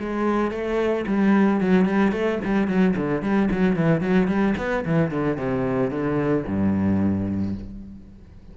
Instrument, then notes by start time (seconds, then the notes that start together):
cello
0.00 G#3
0.51 A3
1.07 G3
1.61 F#3
1.86 G3
2.12 A3
2.44 G3
2.68 F#3
2.97 D3
3.22 G3
3.52 F#3
3.76 E3
4.01 F#3
4.28 G3
4.58 B3
4.85 E3
5.11 D3
5.38 C3
5.90 D3
6.47 G2